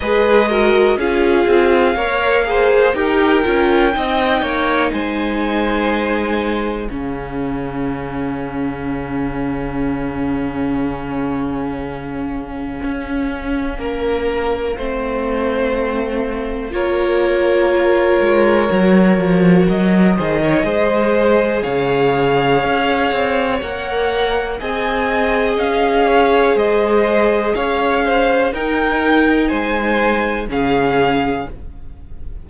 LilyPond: <<
  \new Staff \with { instrumentName = "violin" } { \time 4/4 \tempo 4 = 61 dis''4 f''2 g''4~ | g''4 gis''2 f''4~ | f''1~ | f''1~ |
f''4 cis''2. | dis''2 f''2 | fis''4 gis''4 f''4 dis''4 | f''4 g''4 gis''4 f''4 | }
  \new Staff \with { instrumentName = "violin" } { \time 4/4 b'8 ais'8 gis'4 cis''8 c''8 ais'4 | dis''8 cis''8 c''2 gis'4~ | gis'1~ | gis'2 ais'4 c''4~ |
c''4 ais'2.~ | ais'8 c''16 cis''16 c''4 cis''2~ | cis''4 dis''4. cis''8 c''4 | cis''8 c''8 ais'4 c''4 gis'4 | }
  \new Staff \with { instrumentName = "viola" } { \time 4/4 gis'8 fis'8 f'4 ais'8 gis'8 g'8 f'8 | dis'2. cis'4~ | cis'1~ | cis'2. c'4~ |
c'4 f'2 fis'4~ | fis'8 gis'16 ais'16 gis'2. | ais'4 gis'2.~ | gis'4 dis'2 cis'4 | }
  \new Staff \with { instrumentName = "cello" } { \time 4/4 gis4 cis'8 c'8 ais4 dis'8 cis'8 | c'8 ais8 gis2 cis4~ | cis1~ | cis4 cis'4 ais4 a4~ |
a4 ais4. gis8 fis8 f8 | fis8 dis8 gis4 cis4 cis'8 c'8 | ais4 c'4 cis'4 gis4 | cis'4 dis'4 gis4 cis4 | }
>>